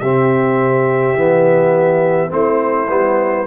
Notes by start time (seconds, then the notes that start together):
0.00 C3 C4 G4 E5
1.15 E3 B3
2.29 A3 C4 E4 C5
2.88 G3 B3